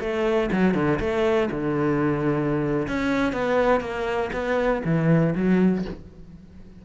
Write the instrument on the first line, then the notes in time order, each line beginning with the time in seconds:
cello
0.00 A3
0.52 F#3
0.74 D3
1.00 A3
1.51 D3
2.88 C#4
3.33 B3
3.81 A#3
4.33 B3
4.85 E3
5.35 F#3